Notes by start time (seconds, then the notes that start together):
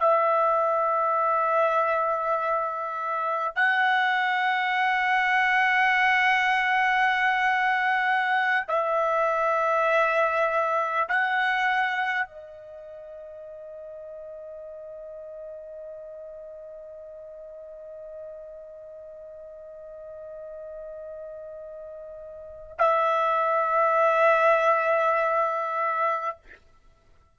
0.00 E5
3.56 F#5
8.68 E5
11.08 F#5
12.26 D#5
22.78 E5